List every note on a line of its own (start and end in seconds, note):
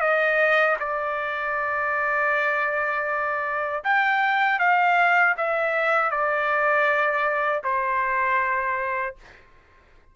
0.00 0.76 D#5
0.79 3.83 D5
3.84 4.59 G5
4.59 5.35 F5
5.37 6.10 E5
6.10 7.62 D5
7.63 9.15 C5